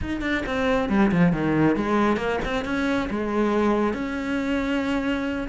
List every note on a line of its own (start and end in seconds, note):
0.01 0.21 D#4
0.21 0.43 D4
0.46 0.89 C4
0.89 1.11 G3
1.11 1.32 F3
1.32 1.76 D#3
1.76 2.17 G#3
2.17 2.39 A#3
2.44 2.65 C4
2.65 3.09 C#4
3.10 3.93 G#3
3.93 5.48 C#4